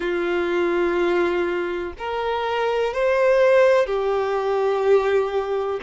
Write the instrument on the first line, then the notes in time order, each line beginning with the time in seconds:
violin
0.00 F4
1.98 A#4
2.93 C5
3.86 G4